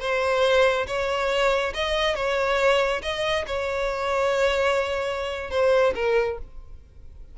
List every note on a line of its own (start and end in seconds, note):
0.00 0.86 C5
0.87 1.73 C#5
1.74 2.15 D#5
2.15 3.01 C#5
3.02 3.45 D#5
3.46 5.50 C#5
5.50 5.94 C5
5.95 6.38 A#4